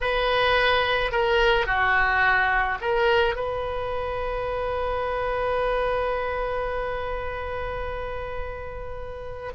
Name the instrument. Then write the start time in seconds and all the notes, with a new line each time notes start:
oboe
0.00 B4
1.11 A#4
1.66 F#4
2.81 A#4
3.35 B4